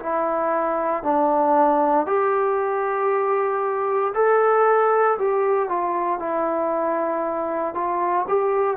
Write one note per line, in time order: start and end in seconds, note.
0.00 1.03 E4
1.03 2.06 D4
2.06 4.13 G4
4.14 5.18 A4
5.19 5.69 G4
5.69 6.19 F4
6.19 7.74 E4
7.74 8.26 F4
8.28 8.77 G4